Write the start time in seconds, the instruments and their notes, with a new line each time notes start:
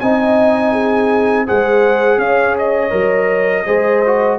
0.00 tuba C4, trombone D#4, horn D#5, trumpet G#5
0.73 horn G#4
1.47 tuba G#3, trombone G#4, horn C5, trumpet F#5
2.18 tuba C#4, horn C#5, trumpet F5
2.59 trumpet D#5
2.90 tuba F#3, trombone A#4
3.66 tuba G#3, trombone G#4, horn C5
4.06 trombone F#4